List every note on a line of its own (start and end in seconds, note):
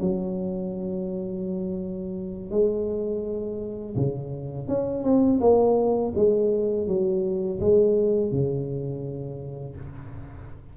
0.00 2.50 F#3
2.50 3.95 G#3
3.95 4.68 C#3
4.68 5.03 C#4
5.03 5.39 C4
5.40 6.12 A#3
6.15 6.87 G#3
6.87 7.59 F#3
7.60 8.31 G#3
8.31 9.76 C#3